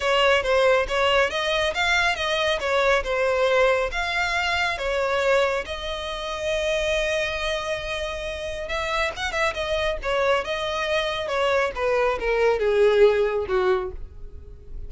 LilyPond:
\new Staff \with { instrumentName = "violin" } { \time 4/4 \tempo 4 = 138 cis''4 c''4 cis''4 dis''4 | f''4 dis''4 cis''4 c''4~ | c''4 f''2 cis''4~ | cis''4 dis''2.~ |
dis''1 | e''4 fis''8 e''8 dis''4 cis''4 | dis''2 cis''4 b'4 | ais'4 gis'2 fis'4 | }